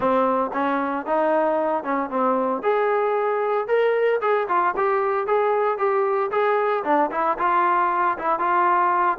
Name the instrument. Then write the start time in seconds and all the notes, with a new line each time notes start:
trombone
0.00 C4
0.53 C#4
1.06 D#4
1.83 C#4
2.10 C4
2.62 G#4
3.67 A#4
4.21 G#4
4.48 F4
4.76 G4
5.26 G#4
5.78 G4
6.31 G#4
6.84 D4
7.11 E4
7.38 F4
8.17 E4
8.39 F4